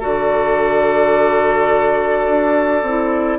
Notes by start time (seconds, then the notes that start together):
0.00 D3 F#4 A4 D5
2.27 D4
2.83 C4 E4